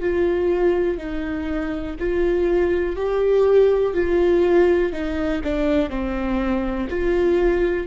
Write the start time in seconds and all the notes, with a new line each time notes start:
0.00 F4
0.97 D#4
1.99 F4
2.96 G4
3.93 F4
4.92 D#4
5.43 D4
5.89 C4
6.89 F4